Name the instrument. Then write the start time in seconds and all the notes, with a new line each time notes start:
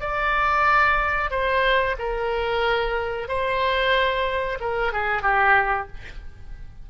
oboe
0.00 D5
1.30 C5
1.99 A#4
3.28 C5
4.60 A#4
4.92 G#4
5.22 G4